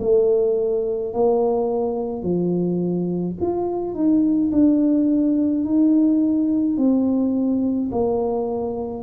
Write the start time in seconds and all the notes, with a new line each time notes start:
0.00 A3
1.13 A#3
2.22 F3
3.41 F4
3.94 D#4
4.51 D4
5.64 D#4
6.77 C4
7.91 A#3